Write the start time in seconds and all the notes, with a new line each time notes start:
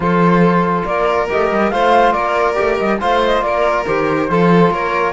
0.00 F3 F4 A4 C5
0.84 A#3 A#4 D5
1.29 A3 G4 D#5
1.51 G3
1.70 A3 F4 C5 F5
2.12 A#3 A#4 D5
2.55 A3 G4
2.78 G3 D#5
3.00 A3 F4 C5 F5
3.25 D#5
3.42 A#3 A#4 D5
3.86 D#3 G4 C5
4.29 F3 F4 A4
4.70 A#3 A#4 C#5